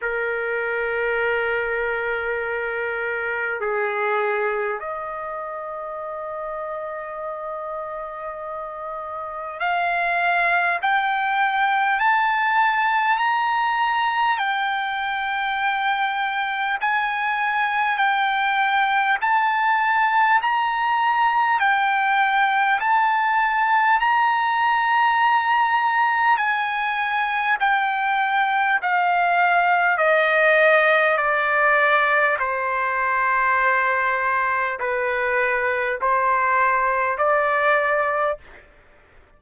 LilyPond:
\new Staff \with { instrumentName = "trumpet" } { \time 4/4 \tempo 4 = 50 ais'2. gis'4 | dis''1 | f''4 g''4 a''4 ais''4 | g''2 gis''4 g''4 |
a''4 ais''4 g''4 a''4 | ais''2 gis''4 g''4 | f''4 dis''4 d''4 c''4~ | c''4 b'4 c''4 d''4 | }